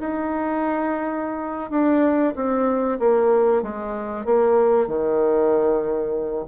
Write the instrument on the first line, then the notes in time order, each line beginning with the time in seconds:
bassoon
0.00 D#4
1.71 D4
2.36 C4
2.99 A#3
3.63 G#3
4.25 A#3
4.87 D#3